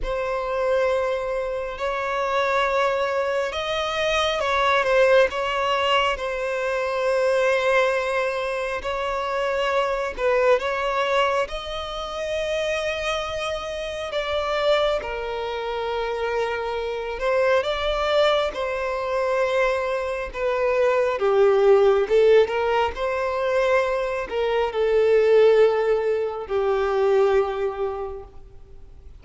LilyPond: \new Staff \with { instrumentName = "violin" } { \time 4/4 \tempo 4 = 68 c''2 cis''2 | dis''4 cis''8 c''8 cis''4 c''4~ | c''2 cis''4. b'8 | cis''4 dis''2. |
d''4 ais'2~ ais'8 c''8 | d''4 c''2 b'4 | g'4 a'8 ais'8 c''4. ais'8 | a'2 g'2 | }